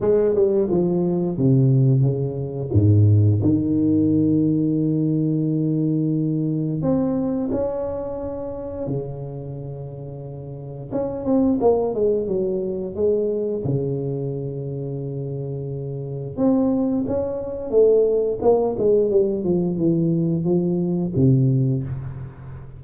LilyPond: \new Staff \with { instrumentName = "tuba" } { \time 4/4 \tempo 4 = 88 gis8 g8 f4 c4 cis4 | gis,4 dis2.~ | dis2 c'4 cis'4~ | cis'4 cis2. |
cis'8 c'8 ais8 gis8 fis4 gis4 | cis1 | c'4 cis'4 a4 ais8 gis8 | g8 f8 e4 f4 c4 | }